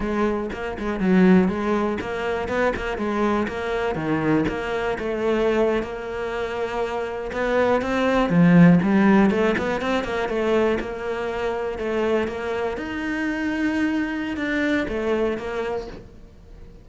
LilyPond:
\new Staff \with { instrumentName = "cello" } { \time 4/4 \tempo 4 = 121 gis4 ais8 gis8 fis4 gis4 | ais4 b8 ais8 gis4 ais4 | dis4 ais4 a4.~ a16 ais16~ | ais2~ ais8. b4 c'16~ |
c'8. f4 g4 a8 b8 c'16~ | c'16 ais8 a4 ais2 a16~ | a8. ais4 dis'2~ dis'16~ | dis'4 d'4 a4 ais4 | }